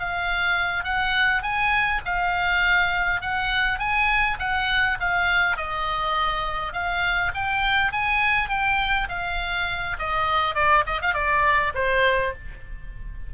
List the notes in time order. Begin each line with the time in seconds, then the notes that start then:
0.00 F5
0.84 F#5
1.43 G#5
2.06 F5
3.22 F#5
3.79 G#5
4.40 F#5
5.01 F5
5.57 D#5
6.73 F5
7.35 G5
7.92 G#5
8.49 G5
9.09 F5
9.99 D#5
10.55 D5
10.87 D#5
11.02 F5
11.14 D5
11.75 C5